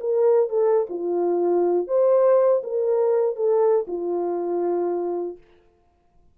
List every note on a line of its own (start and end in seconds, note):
0.00 0.49 A#4
0.49 0.87 A4
0.89 1.87 F4
1.87 2.62 C5
2.63 3.35 A#4
3.35 3.85 A4
3.87 5.37 F4